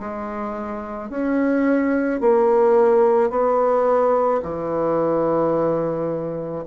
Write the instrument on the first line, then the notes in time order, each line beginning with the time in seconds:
bassoon
0.00 G#3
1.10 C#4
2.21 A#3
3.30 B3
4.43 E3